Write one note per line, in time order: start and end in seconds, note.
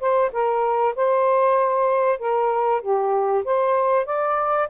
0.00 0.31 C5
0.32 0.95 A#4
0.95 2.19 C5
2.19 2.81 A#4
2.81 3.44 G4
3.44 4.06 C5
4.06 4.68 D5